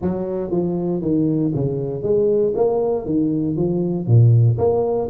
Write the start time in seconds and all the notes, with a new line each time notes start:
0.01 F#3
0.51 F3
1.01 D#3
1.54 C#3
2.02 G#3
2.55 A#3
3.05 D#3
3.56 F3
4.06 A#2
4.58 A#3